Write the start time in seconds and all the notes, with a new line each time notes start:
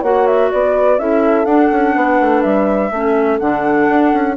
0.00 A#3 F#4 C#5 F#5
0.27 E5
0.51 B3 B4 D5
0.98 C#4 E4 A4 E5
1.45 D4 F#5
1.72 C#4
1.95 B3 B4
2.21 A3
2.42 G3 E5
2.91 A3 C#4 A4
3.39 D3 D4 F#5
3.89 D4
4.13 C#4